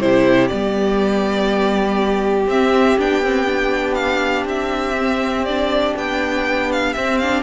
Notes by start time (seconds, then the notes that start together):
0.00 C3 E4 G4 C5
0.48 G3 B3 D5
2.47 C4 E5
2.99 B3 D4 G5
3.22 C4
3.47 D4
3.95 F5
4.45 C4 E5
4.99 C4
5.45 D4 D5
5.96 B3 G5
6.72 F5
6.93 C4 E5
7.18 D4 F5